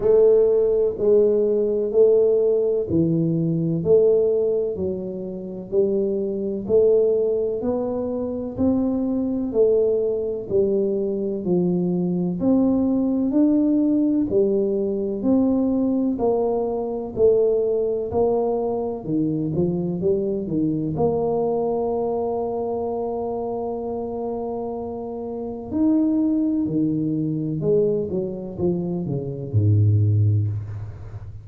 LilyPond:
\new Staff \with { instrumentName = "tuba" } { \time 4/4 \tempo 4 = 63 a4 gis4 a4 e4 | a4 fis4 g4 a4 | b4 c'4 a4 g4 | f4 c'4 d'4 g4 |
c'4 ais4 a4 ais4 | dis8 f8 g8 dis8 ais2~ | ais2. dis'4 | dis4 gis8 fis8 f8 cis8 gis,4 | }